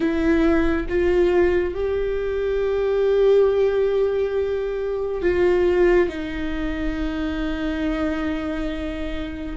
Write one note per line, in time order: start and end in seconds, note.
0.00 0.86 E4
0.89 1.74 F4
1.74 5.22 G4
5.22 6.08 F4
6.08 9.56 D#4